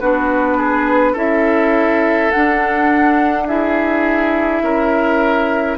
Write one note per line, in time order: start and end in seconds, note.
0.00 1.16 B3
0.00 1.16 D4
0.00 0.58 F#4
0.00 1.16 B4
0.58 1.13 G#4
1.13 2.31 C#4
1.13 2.31 E4
1.13 3.44 A4
1.13 2.31 E5
2.31 3.49 D4
2.31 4.63 D4
2.31 3.47 F#5
3.48 5.78 E4
3.48 4.63 G#4
3.48 5.78 E5
4.63 5.78 C#4
4.63 5.78 A#4